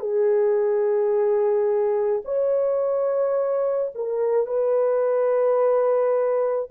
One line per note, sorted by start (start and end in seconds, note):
0.00 2.22 G#4
2.25 3.92 C#5
3.95 4.47 A#4
4.47 6.69 B4